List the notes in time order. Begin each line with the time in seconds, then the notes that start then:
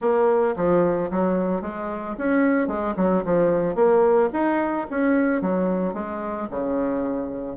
0.01 A#3
0.56 F3
1.10 F#3
1.61 G#3
2.17 C#4
2.67 G#3
2.96 F#3
3.24 F3
3.75 A#3
4.32 D#4
4.90 C#4
5.41 F#3
5.93 G#3
6.50 C#3